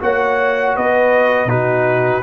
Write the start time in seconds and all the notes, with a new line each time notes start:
0.00 A#3 F#4 C#5 F#5
0.76 B3 B4 D#5
1.45 B2 D#4 F#4 B4